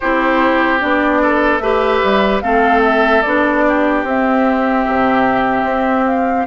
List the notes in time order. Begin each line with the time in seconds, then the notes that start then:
0.00 C4 E4 G4 C5
0.79 B3 D4 D5
1.22 A4
1.58 A3 G4 B4 E5
2.03 G3
2.40 A3 C4 A4 F5
2.84 E5
3.22 B3 D4 D5
3.68 G4
4.03 C4 E5
4.87 C3
5.63 C4
6.05 F5